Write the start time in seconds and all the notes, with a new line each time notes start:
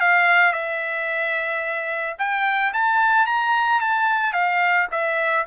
0.00 F5
0.53 E5
2.18 G5
2.73 A5
3.26 A#5
3.80 A5
4.33 F5
4.91 E5